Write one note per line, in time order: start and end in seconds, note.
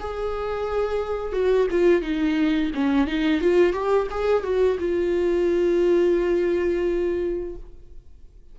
0.00 1.33 G#4
1.33 1.67 F#4
1.71 2.02 F4
2.02 2.71 D#4
2.75 3.07 C#4
3.07 3.41 D#4
3.41 3.73 F4
3.73 4.08 G4
4.11 4.43 G#4
4.43 4.78 F#4
4.79 7.55 F4